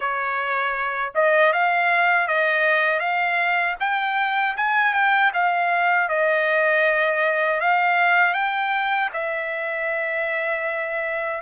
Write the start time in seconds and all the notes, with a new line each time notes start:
0.00 C#5
1.14 D#5
1.52 F5
2.27 D#5
2.99 F5
3.80 G5
4.56 G#5
4.93 G5
5.33 F5
6.08 D#5
7.60 F5
8.33 G5
9.13 E5